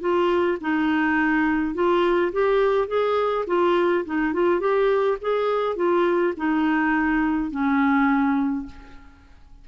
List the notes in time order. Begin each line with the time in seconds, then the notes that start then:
0.00 F4
0.60 D#4
1.74 F4
2.32 G4
2.87 G#4
3.47 F4
4.05 D#4
4.33 F4
4.60 G4
5.21 G#4
5.76 F4
6.37 D#4
7.50 C#4